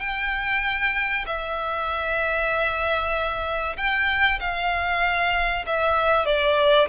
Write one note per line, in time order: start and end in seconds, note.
0.00 1.25 G5
1.26 3.76 E5
3.77 4.40 G5
4.40 5.65 F5
5.66 6.26 E5
6.26 6.88 D5